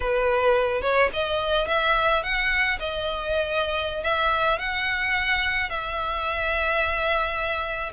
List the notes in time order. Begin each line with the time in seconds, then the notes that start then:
0.00 B4
0.81 C#5
1.13 D#5
1.67 E5
2.23 F#5
2.79 D#5
4.03 E5
4.58 F#5
5.69 E5